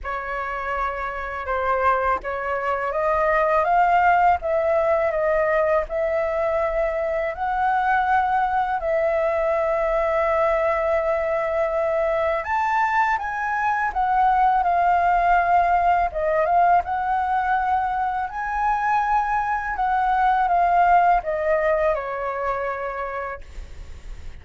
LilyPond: \new Staff \with { instrumentName = "flute" } { \time 4/4 \tempo 4 = 82 cis''2 c''4 cis''4 | dis''4 f''4 e''4 dis''4 | e''2 fis''2 | e''1~ |
e''4 a''4 gis''4 fis''4 | f''2 dis''8 f''8 fis''4~ | fis''4 gis''2 fis''4 | f''4 dis''4 cis''2 | }